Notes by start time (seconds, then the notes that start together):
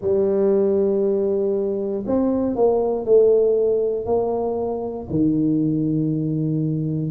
0.00 G3
2.06 C4
2.55 A#3
3.05 A3
4.05 A#3
5.09 D#3